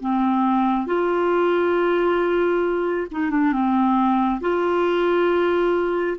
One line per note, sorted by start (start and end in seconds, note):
0.00 0.87 C4
0.87 3.07 F4
3.11 3.30 D#4
3.30 3.52 D4
3.52 4.40 C4
4.41 6.17 F4